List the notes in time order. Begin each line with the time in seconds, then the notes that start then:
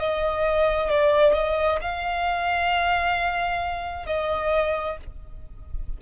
0.00 D#5
0.90 D5
1.34 D#5
1.82 F5
4.07 D#5